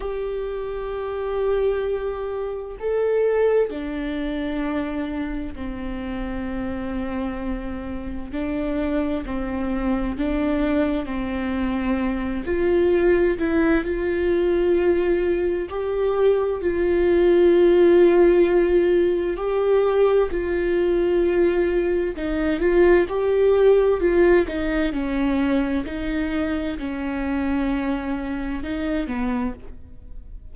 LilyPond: \new Staff \with { instrumentName = "viola" } { \time 4/4 \tempo 4 = 65 g'2. a'4 | d'2 c'2~ | c'4 d'4 c'4 d'4 | c'4. f'4 e'8 f'4~ |
f'4 g'4 f'2~ | f'4 g'4 f'2 | dis'8 f'8 g'4 f'8 dis'8 cis'4 | dis'4 cis'2 dis'8 b8 | }